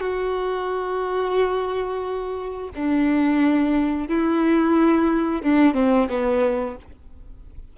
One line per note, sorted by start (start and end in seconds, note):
0.00 2.70 F#4
2.75 4.08 D4
4.08 5.42 E4
5.42 5.74 D4
5.74 6.07 C4
6.09 6.76 B3